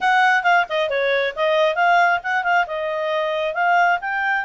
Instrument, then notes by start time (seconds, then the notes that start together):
clarinet
0.00 F#5
0.43 F5
0.69 D#5
0.89 C#5
1.35 D#5
1.75 F5
2.23 F#5
2.43 F5
2.67 D#5
3.54 F5
4.00 G5